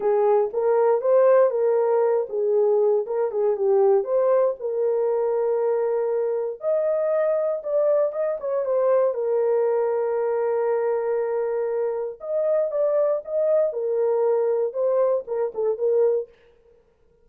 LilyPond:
\new Staff \with { instrumentName = "horn" } { \time 4/4 \tempo 4 = 118 gis'4 ais'4 c''4 ais'4~ | ais'8 gis'4. ais'8 gis'8 g'4 | c''4 ais'2.~ | ais'4 dis''2 d''4 |
dis''8 cis''8 c''4 ais'2~ | ais'1 | dis''4 d''4 dis''4 ais'4~ | ais'4 c''4 ais'8 a'8 ais'4 | }